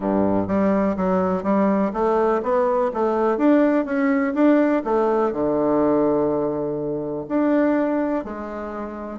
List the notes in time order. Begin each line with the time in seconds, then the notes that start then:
0.00 G2
0.47 G3
0.96 F#3
1.43 G3
1.93 A3
2.42 B3
2.93 A3
3.37 D4
3.85 C#4
4.34 D4
4.84 A3
5.32 D3
7.28 D4
8.24 G#3